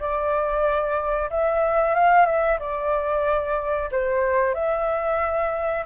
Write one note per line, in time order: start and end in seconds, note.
0.00 1.30 D5
1.31 1.95 E5
1.95 2.26 F5
2.26 2.59 E5
2.60 3.90 D5
3.92 4.55 C5
4.55 5.85 E5